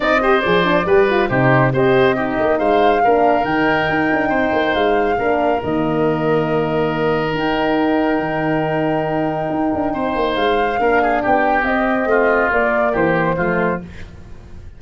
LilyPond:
<<
  \new Staff \with { instrumentName = "flute" } { \time 4/4 \tempo 4 = 139 dis''4 d''2 c''4 | dis''2 f''2 | g''2. f''4~ | f''4 dis''2.~ |
dis''4 g''2.~ | g''1 | f''2 g''4 dis''4~ | dis''4 d''4 c''2 | }
  \new Staff \with { instrumentName = "oboe" } { \time 4/4 d''8 c''4. b'4 g'4 | c''4 g'4 c''4 ais'4~ | ais'2 c''2 | ais'1~ |
ais'1~ | ais'2. c''4~ | c''4 ais'8 gis'8 g'2 | f'2 g'4 f'4 | }
  \new Staff \with { instrumentName = "horn" } { \time 4/4 dis'8 g'8 gis'8 d'8 g'8 f'8 dis'4 | g'4 dis'2 d'4 | dis'1 | d'4 ais2.~ |
ais4 dis'2.~ | dis'1~ | dis'4 d'2 c'4~ | c'4 ais2 a4 | }
  \new Staff \with { instrumentName = "tuba" } { \time 4/4 c'4 f4 g4 c4 | c'4. ais8 gis4 ais4 | dis4 dis'8 d'8 c'8 ais8 gis4 | ais4 dis2.~ |
dis4 dis'2 dis4~ | dis2 dis'8 d'8 c'8 ais8 | gis4 ais4 b4 c'4 | a4 ais4 e4 f4 | }
>>